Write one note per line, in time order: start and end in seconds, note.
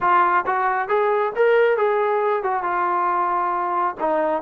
0.00 0.45 F4
0.46 0.88 F#4
0.88 1.32 G#4
1.35 1.77 A#4
1.77 2.43 G#4
2.43 2.63 F#4
2.63 3.95 F4
4.00 4.42 D#4